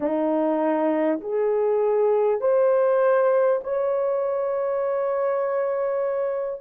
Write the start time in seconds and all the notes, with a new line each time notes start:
0.00 D#4
1.21 G#4
2.41 C5
3.63 C#5